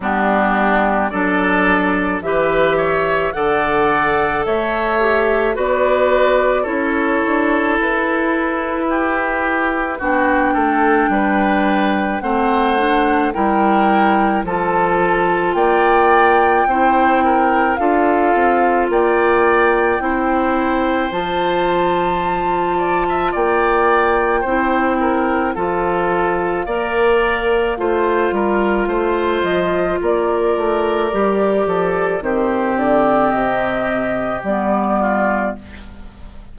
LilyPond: <<
  \new Staff \with { instrumentName = "flute" } { \time 4/4 \tempo 4 = 54 g'4 d''4 e''4 fis''4 | e''4 d''4 cis''4 b'4~ | b'4 g''2 fis''4 | g''4 a''4 g''2 |
f''4 g''2 a''4~ | a''4 g''2 f''4~ | f''2~ f''8 dis''8 d''4~ | d''4 c''8 d''8 dis''4 d''4 | }
  \new Staff \with { instrumentName = "oboe" } { \time 4/4 d'4 a'4 b'8 cis''8 d''4 | cis''4 b'4 a'2 | g'4 fis'8 a'8 b'4 c''4 | ais'4 a'4 d''4 c''8 ais'8 |
a'4 d''4 c''2~ | c''8 d''16 e''16 d''4 c''8 ais'8 a'4 | d''4 c''8 ais'8 c''4 ais'4~ | ais'8 a'8 g'2~ g'8 f'8 | }
  \new Staff \with { instrumentName = "clarinet" } { \time 4/4 b4 d'4 g'4 a'4~ | a'8 g'8 fis'4 e'2~ | e'4 d'2 c'8 d'8 | e'4 f'2 e'4 |
f'2 e'4 f'4~ | f'2 e'4 f'4 | ais'4 f'2. | g'4 c'2 b4 | }
  \new Staff \with { instrumentName = "bassoon" } { \time 4/4 g4 fis4 e4 d4 | a4 b4 cis'8 d'8 e'4~ | e'4 b8 a8 g4 a4 | g4 f4 ais4 c'4 |
d'8 c'8 ais4 c'4 f4~ | f4 ais4 c'4 f4 | ais4 a8 g8 a8 f8 ais8 a8 | g8 f8 dis8 d8 c4 g4 | }
>>